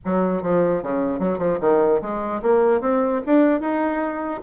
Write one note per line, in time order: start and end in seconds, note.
0.05 0.42 F#3
0.42 0.82 F3
0.82 1.19 C#3
1.19 1.38 F#3
1.38 1.58 F3
1.60 2.00 D#3
2.01 2.41 G#3
2.42 2.80 A#3
2.80 3.21 C4
3.26 3.60 D4
3.60 4.41 D#4